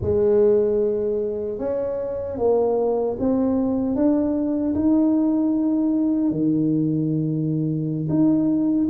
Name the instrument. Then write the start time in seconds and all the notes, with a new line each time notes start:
tuba
0.01 G#3
1.59 C#4
2.37 A#3
3.19 C4
3.95 D4
4.74 D#4
6.30 D#3
8.09 D#4